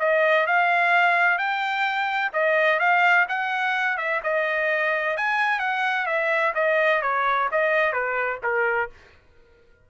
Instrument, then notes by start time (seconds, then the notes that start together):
trumpet
0.00 D#5
0.47 F5
1.39 G5
2.34 D#5
2.80 F5
3.29 F#5
3.98 E5
4.24 D#5
5.17 G#5
5.60 F#5
6.07 E5
6.55 D#5
7.02 C#5
7.52 D#5
7.93 B4
8.43 A#4